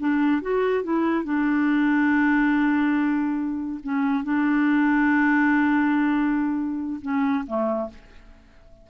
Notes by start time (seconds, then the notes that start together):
0.00 D4
0.42 F#4
0.84 E4
1.25 D4
3.84 C#4
4.24 D4
7.02 C#4
7.47 A3